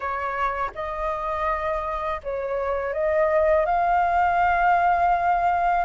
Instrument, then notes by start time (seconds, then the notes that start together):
flute
0.00 C#5
0.74 D#5
2.23 C#5
2.93 D#5
3.65 F5